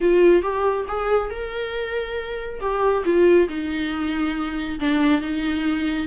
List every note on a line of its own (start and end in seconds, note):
0.00 0.42 F4
0.42 0.86 G4
0.87 1.29 G#4
1.29 2.60 A#4
2.60 3.03 G4
3.04 3.48 F4
3.48 4.79 D#4
4.79 5.21 D4
5.21 6.07 D#4